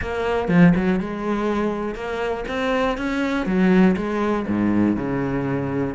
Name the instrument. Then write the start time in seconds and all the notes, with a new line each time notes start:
cello
0.01 A#3
0.48 F3
0.75 F#3
1.00 G#3
1.94 A#3
2.48 C4
2.97 C#4
3.46 F#3
3.96 G#3
4.47 G#2
4.96 C#3